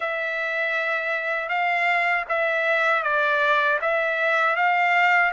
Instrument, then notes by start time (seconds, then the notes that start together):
trumpet
0.00 E5
1.48 F5
2.29 E5
3.03 D5
3.81 E5
4.56 F5